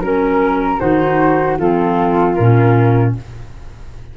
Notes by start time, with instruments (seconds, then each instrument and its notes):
0.00 tuba F#3, clarinet C#4, flute A#4
0.79 tuba D#3, clarinet D#4, flute F#4 C5
1.58 tuba F3, clarinet C4, flute F4 A4
2.35 tuba A#2, clarinet C#4, flute A#4